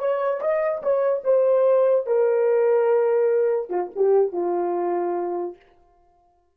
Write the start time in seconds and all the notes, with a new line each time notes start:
0.00 C#5
0.41 D#5
0.83 C#5
1.24 C5
2.07 A#4
3.70 F4
3.96 G4
4.33 F4